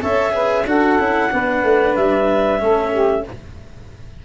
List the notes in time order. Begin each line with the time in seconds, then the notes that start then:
0.00 C#4 A4 C#5 E5
0.32 G#4 B4
0.66 D4 F#4 A4 F#5
0.98 C#4 E4
1.31 B3 D4 B4
1.63 A3
1.95 G3 E5
2.59 A3 C#4 A4
2.91 G4